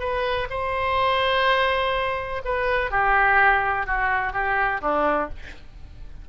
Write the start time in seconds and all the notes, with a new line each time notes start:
0.00 B4
0.50 C5
2.45 B4
2.91 G4
3.87 F#4
4.33 G4
4.82 D4